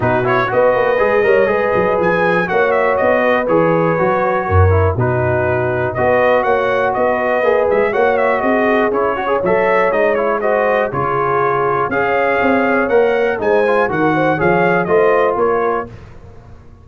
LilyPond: <<
  \new Staff \with { instrumentName = "trumpet" } { \time 4/4 \tempo 4 = 121 b'8 cis''8 dis''2. | gis''4 fis''8 e''8 dis''4 cis''4~ | cis''2 b'2 | dis''4 fis''4 dis''4. e''8 |
fis''8 e''8 dis''4 cis''4 e''4 | dis''8 cis''8 dis''4 cis''2 | f''2 fis''4 gis''4 | fis''4 f''4 dis''4 cis''4 | }
  \new Staff \with { instrumentName = "horn" } { \time 4/4 fis'4 b'4. cis''8 b'4~ | b'4 cis''4. b'4.~ | b'4 ais'4 fis'2 | b'4 cis''4 b'2 |
cis''4 gis'4. cis''4.~ | cis''4 c''4 gis'2 | cis''2. c''4 | ais'8 c''8 cis''4 c''4 ais'4 | }
  \new Staff \with { instrumentName = "trombone" } { \time 4/4 dis'8 e'8 fis'4 gis'8 ais'8 gis'4~ | gis'4 fis'2 gis'4 | fis'4. e'8 dis'2 | fis'2. gis'4 |
fis'2 e'8 fis'16 gis'16 a'4 | dis'8 e'8 fis'4 f'2 | gis'2 ais'4 dis'8 f'8 | fis'4 gis'4 f'2 | }
  \new Staff \with { instrumentName = "tuba" } { \time 4/4 b,4 b8 ais8 gis8 g8 gis8 fis8 | f4 ais4 b4 e4 | fis4 fis,4 b,2 | b4 ais4 b4 ais8 gis8 |
ais4 c'4 cis'4 fis4 | gis2 cis2 | cis'4 c'4 ais4 gis4 | dis4 f4 a4 ais4 | }
>>